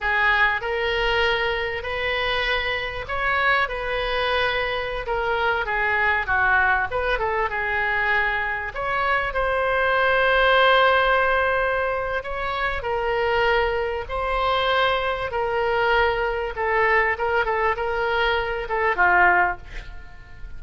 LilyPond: \new Staff \with { instrumentName = "oboe" } { \time 4/4 \tempo 4 = 98 gis'4 ais'2 b'4~ | b'4 cis''4 b'2~ | b'16 ais'4 gis'4 fis'4 b'8 a'16~ | a'16 gis'2 cis''4 c''8.~ |
c''1 | cis''4 ais'2 c''4~ | c''4 ais'2 a'4 | ais'8 a'8 ais'4. a'8 f'4 | }